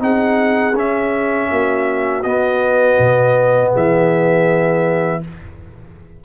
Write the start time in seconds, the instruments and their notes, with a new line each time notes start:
0.00 tuba C4, trombone D#4, horn G#4, trumpet F#5
0.74 tuba C#4, trombone C#4, trumpet E5
1.51 tuba A#3, horn F#4
2.23 trombone B3, tuba B3, trumpet D#5
2.99 tuba B2
3.72 tuba E3, horn G#4, trumpet E5